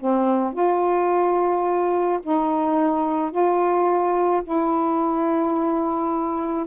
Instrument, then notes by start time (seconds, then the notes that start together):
saxophone
0.00 C4
0.54 F4
2.23 D#4
3.32 F4
4.44 E4